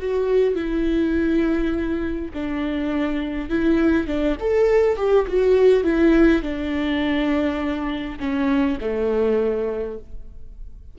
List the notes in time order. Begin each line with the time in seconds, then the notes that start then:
0.00 F#4
0.56 E4
2.34 D4
3.50 E4
4.07 D4
4.40 A4
4.97 G4
5.27 F#4
5.84 E4
6.43 D4
8.20 C#4
8.81 A3